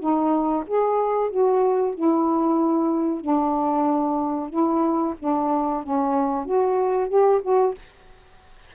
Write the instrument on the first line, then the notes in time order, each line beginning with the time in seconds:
saxophone
0.00 D#4
0.67 G#4
1.30 F#4
1.95 E4
3.21 D4
4.50 E4
5.20 D4
5.84 C#4
6.46 F#4
7.09 G4
7.43 F#4